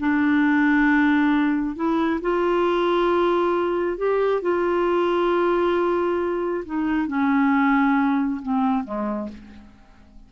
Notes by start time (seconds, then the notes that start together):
0.00 D4
1.76 E4
2.22 F4
3.98 G4
4.42 F4
6.66 D#4
7.08 C#4
8.43 C4
8.84 G#3